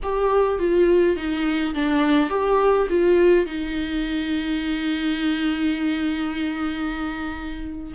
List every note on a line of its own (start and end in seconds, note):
0.02 0.58 G4
0.58 1.16 F4
1.16 1.74 D#4
1.74 2.29 D4
2.29 2.87 G4
2.89 3.46 F4
3.46 7.93 D#4